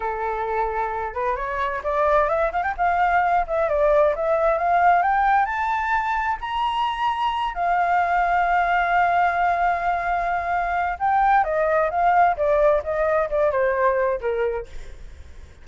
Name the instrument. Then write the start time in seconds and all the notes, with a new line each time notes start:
flute
0.00 A4
1.13 B4
1.36 C#5
1.83 D5
2.28 E5
2.52 F5
2.63 G5
2.77 F5
3.47 E5
3.68 D5
4.15 E5
4.58 F5
5.02 G5
5.45 A5
6.40 A#5
7.54 F5
10.99 G5
11.44 D#5
11.90 F5
12.36 D5
12.83 D#5
13.29 D5
13.51 C5
14.20 A#4